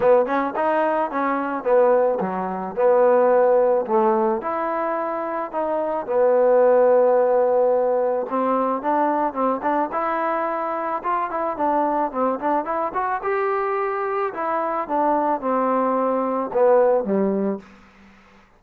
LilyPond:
\new Staff \with { instrumentName = "trombone" } { \time 4/4 \tempo 4 = 109 b8 cis'8 dis'4 cis'4 b4 | fis4 b2 a4 | e'2 dis'4 b4~ | b2. c'4 |
d'4 c'8 d'8 e'2 | f'8 e'8 d'4 c'8 d'8 e'8 fis'8 | g'2 e'4 d'4 | c'2 b4 g4 | }